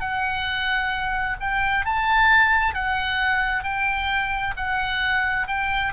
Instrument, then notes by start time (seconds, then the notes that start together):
oboe
0.00 F#5
1.40 G5
1.85 A5
2.74 F#5
3.63 G5
4.56 F#5
5.47 G5